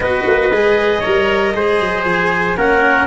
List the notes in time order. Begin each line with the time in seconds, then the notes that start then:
0.00 B3 F#4 B4 D#5
0.26 A#3
0.52 G#3 G#4
1.00 G3 A#4 C#5
1.54 G#3 G#4 C5
1.79 F#3
2.04 F3 G#5
2.57 A#3 C#4 A#4 F#5